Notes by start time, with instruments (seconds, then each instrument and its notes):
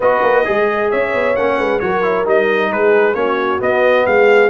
0.00 tuba B3, trombone F#4, horn B4, trumpet D#5
0.22 tuba A#3
0.44 tuba G#3, trombone G#4, horn D#5
0.90 tuba C#4, horn C#5, trumpet E5
1.13 tuba B3
1.36 tuba A#3, trombone C#4, trumpet F#5
1.58 tuba G#3, horn B4
1.79 tuba F#3, trombone F#4, horn A#4, trumpet C#5
2.02 trombone E4
2.25 tuba G3, trombone D#4, trumpet D#5
2.70 tuba G#3, horn G#4, trumpet B4
3.14 tuba A#3, trombone C#4, horn F#4, trumpet C#5
3.59 trombone B3, tuba B3, trumpet D#5
4.06 tuba G#3, horn G#4, trumpet F5